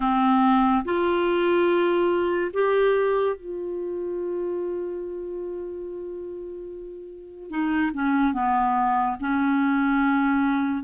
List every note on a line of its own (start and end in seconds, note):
0.00 0.83 C4
0.84 2.51 F4
2.53 3.36 G4
3.36 7.50 F4
7.50 7.91 D#4
7.93 8.33 C#4
8.33 9.16 B3
9.20 10.83 C#4